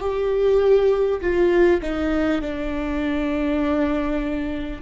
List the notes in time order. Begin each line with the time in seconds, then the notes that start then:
0.00 G4
1.21 F4
1.82 D#4
2.41 D4